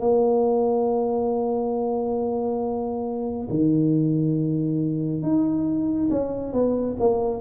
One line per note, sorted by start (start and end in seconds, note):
0.00 3.48 A#3
3.49 5.22 D#3
5.22 6.09 D#4
6.10 6.53 C#4
6.53 6.96 B3
7.00 7.41 A#3